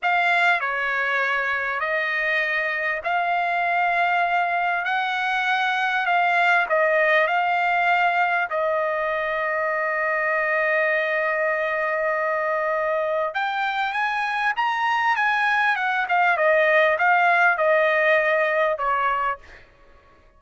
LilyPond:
\new Staff \with { instrumentName = "trumpet" } { \time 4/4 \tempo 4 = 99 f''4 cis''2 dis''4~ | dis''4 f''2. | fis''2 f''4 dis''4 | f''2 dis''2~ |
dis''1~ | dis''2 g''4 gis''4 | ais''4 gis''4 fis''8 f''8 dis''4 | f''4 dis''2 cis''4 | }